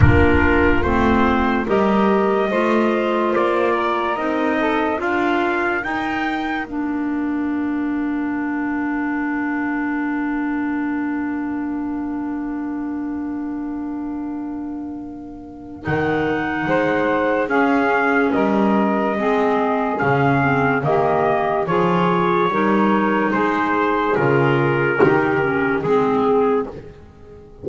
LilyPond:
<<
  \new Staff \with { instrumentName = "trumpet" } { \time 4/4 \tempo 4 = 72 ais'4 c''4 dis''2 | d''4 dis''4 f''4 g''4 | f''1~ | f''1~ |
f''2. fis''4~ | fis''4 f''4 dis''2 | f''4 dis''4 cis''2 | c''4 ais'2 gis'4 | }
  \new Staff \with { instrumentName = "saxophone" } { \time 4/4 f'2 ais'4 c''4~ | c''8 ais'4 a'8 ais'2~ | ais'1~ | ais'1~ |
ais'1 | c''4 gis'4 ais'4 gis'4~ | gis'4 g'4 gis'4 ais'4 | gis'2 g'4 gis'4 | }
  \new Staff \with { instrumentName = "clarinet" } { \time 4/4 d'4 c'4 g'4 f'4~ | f'4 dis'4 f'4 dis'4 | d'1~ | d'1~ |
d'2. dis'4~ | dis'4 cis'2 c'4 | cis'8 c'8 ais4 f'4 dis'4~ | dis'4 f'4 dis'8 cis'8 c'4 | }
  \new Staff \with { instrumentName = "double bass" } { \time 4/4 ais4 a4 g4 a4 | ais4 c'4 d'4 dis'4 | ais1~ | ais1~ |
ais2. dis4 | gis4 cis'4 g4 gis4 | cis4 dis4 f4 g4 | gis4 cis4 dis4 gis4 | }
>>